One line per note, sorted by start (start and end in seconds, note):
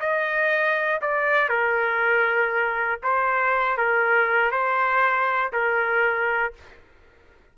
0.00 1.01 D#5
1.02 1.49 D5
1.49 3.00 A#4
3.03 3.78 C5
3.78 4.52 A#4
4.52 5.53 C5
5.53 6.54 A#4